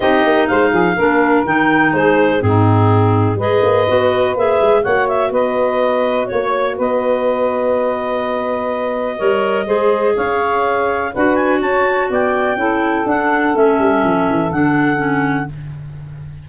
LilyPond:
<<
  \new Staff \with { instrumentName = "clarinet" } { \time 4/4 \tempo 4 = 124 dis''4 f''2 g''4 | c''4 gis'2 dis''4~ | dis''4 e''4 fis''8 e''8 dis''4~ | dis''4 cis''4 dis''2~ |
dis''1~ | dis''4 f''2 fis''8 gis''8 | a''4 g''2 fis''4 | e''2 fis''2 | }
  \new Staff \with { instrumentName = "saxophone" } { \time 4/4 g'4 c''8 gis'8 ais'2 | gis'4 dis'2 b'4~ | b'2 cis''4 b'4~ | b'4 cis''4 b'2~ |
b'2. cis''4 | c''4 cis''2 b'4 | cis''4 d''4 a'2~ | a'1 | }
  \new Staff \with { instrumentName = "clarinet" } { \time 4/4 dis'2 d'4 dis'4~ | dis'4 c'2 gis'4 | fis'4 gis'4 fis'2~ | fis'1~ |
fis'2. ais'4 | gis'2. fis'4~ | fis'2 e'4 d'4 | cis'2 d'4 cis'4 | }
  \new Staff \with { instrumentName = "tuba" } { \time 4/4 c'8 ais8 gis8 f8 ais4 dis4 | gis4 gis,2 gis8 ais8 | b4 ais8 gis8 ais4 b4~ | b4 ais4 b2~ |
b2. g4 | gis4 cis'2 d'4 | cis'4 b4 cis'4 d'4 | a8 g8 f8 e8 d2 | }
>>